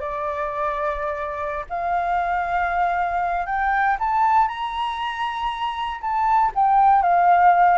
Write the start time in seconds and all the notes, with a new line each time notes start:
0.00 D5
1.69 F5
3.46 G5
3.99 A5
4.48 A#5
6.01 A5
6.55 G5
7.02 F5